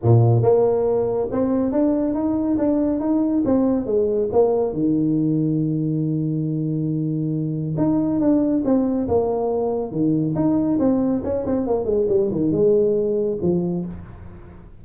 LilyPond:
\new Staff \with { instrumentName = "tuba" } { \time 4/4 \tempo 4 = 139 ais,4 ais2 c'4 | d'4 dis'4 d'4 dis'4 | c'4 gis4 ais4 dis4~ | dis1~ |
dis2 dis'4 d'4 | c'4 ais2 dis4 | dis'4 c'4 cis'8 c'8 ais8 gis8 | g8 dis8 gis2 f4 | }